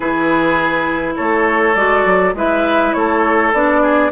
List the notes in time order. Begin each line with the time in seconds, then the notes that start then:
0.00 E3 E4 G#4 B4
1.16 A3 A4 C#5
1.75 G#3 F#4 D5
2.05 F#3
2.34 G#3 E4 B4 E5
2.93 A3 A4 C#5
3.52 B3 D4 D5
3.82 G#4